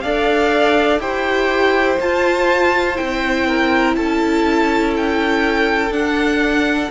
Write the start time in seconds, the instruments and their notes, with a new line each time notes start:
0.00 cello D4, viola A4, violin D5 F5
0.99 cello E4, viola G4, violin C5 G5
1.99 viola F4, cello F4, violin A5
2.95 cello C4, viola E4, violin G5
3.47 violin A#4
3.95 cello C#4, violin A4 A5
4.96 violin G5
5.91 cello D4, viola D4, violin F#5